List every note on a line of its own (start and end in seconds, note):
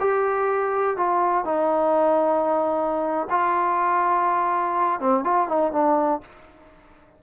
0.00 0.97 G4
0.97 1.45 F4
1.45 3.28 D#4
3.30 5.00 F4
5.00 5.24 C4
5.24 5.48 F4
5.48 5.72 D#4
5.72 6.21 D4